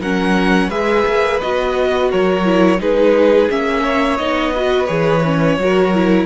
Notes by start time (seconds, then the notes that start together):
0.00 F#3 C#4 A#4 F#5
0.69 G#3 G#4 B4 E5
1.07 A#3
1.41 B3 F#4 D#5
2.11 F#3 A#4 C#5
2.45 E4
2.78 G#3 D#4 G#4 B4
3.50 A#3 C#4 E5
3.83 C#5
4.18 B3 D#4 D#5
4.53 F#4 B4
4.87 E3 G#4 C#5
5.25 C#4
5.58 F#3 F#4 A#4
5.95 E4